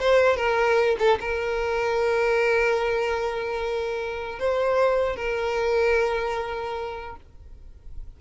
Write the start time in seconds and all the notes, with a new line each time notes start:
0.00 C5
0.36 A#4
0.99 A4
1.20 A#4
4.39 C5
5.16 A#4